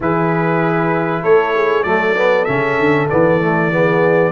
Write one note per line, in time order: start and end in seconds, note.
0.00 1.22 E3
0.00 1.84 E4
0.00 1.22 G#4
0.00 1.23 B4
1.22 1.84 A3
1.22 1.53 A4
1.22 1.83 C#5
1.55 1.84 G#4
1.83 2.46 F#3
1.83 2.15 A3
1.83 3.69 A4
1.83 2.44 D5
2.16 2.47 B3
2.45 2.78 C#3
2.45 3.08 C#4
2.45 3.06 E5
2.78 3.09 D3
3.09 4.31 E3
3.09 3.40 B3
3.09 4.31 D5
3.40 3.71 A3
3.70 4.31 B3
3.70 4.31 G#4